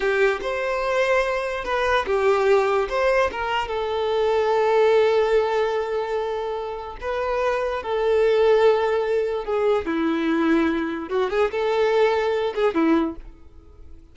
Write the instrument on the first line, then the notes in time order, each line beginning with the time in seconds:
violin
0.00 G4
0.41 C5
1.64 B4
2.06 G4
2.89 C5
3.31 A#4
3.68 A4
7.00 B4
7.83 A4
9.44 G#4
9.85 E4
11.09 F#4
11.30 G#4
11.51 A4
12.54 G#4
12.74 E4